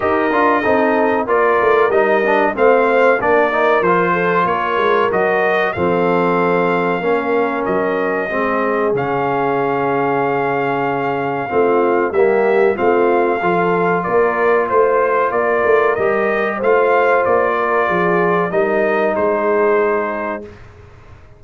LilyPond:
<<
  \new Staff \with { instrumentName = "trumpet" } { \time 4/4 \tempo 4 = 94 dis''2 d''4 dis''4 | f''4 d''4 c''4 cis''4 | dis''4 f''2. | dis''2 f''2~ |
f''2. e''4 | f''2 d''4 c''4 | d''4 dis''4 f''4 d''4~ | d''4 dis''4 c''2 | }
  \new Staff \with { instrumentName = "horn" } { \time 4/4 ais'4 a'4 ais'2 | c''4 ais'4. a'8 ais'4~ | ais'4 a'2 ais'4~ | ais'4 gis'2.~ |
gis'2 f'4 g'4 | f'4 a'4 ais'4 c''4 | ais'2 c''4. ais'8 | gis'4 ais'4 gis'2 | }
  \new Staff \with { instrumentName = "trombone" } { \time 4/4 g'8 f'8 dis'4 f'4 dis'8 d'8 | c'4 d'8 dis'8 f'2 | fis'4 c'2 cis'4~ | cis'4 c'4 cis'2~ |
cis'2 c'4 ais4 | c'4 f'2.~ | f'4 g'4 f'2~ | f'4 dis'2. | }
  \new Staff \with { instrumentName = "tuba" } { \time 4/4 dis'8 d'8 c'4 ais8 a8 g4 | a4 ais4 f4 ais8 gis8 | fis4 f2 ais4 | fis4 gis4 cis2~ |
cis2 a4 g4 | a4 f4 ais4 a4 | ais8 a8 g4 a4 ais4 | f4 g4 gis2 | }
>>